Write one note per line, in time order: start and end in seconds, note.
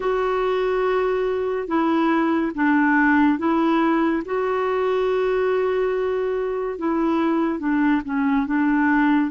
0.00 1.67 F#4
1.67 2.52 E4
2.54 3.38 D4
3.38 4.23 E4
4.25 6.78 F#4
6.78 7.59 E4
7.59 8.01 D4
8.04 8.46 C#4
8.46 9.30 D4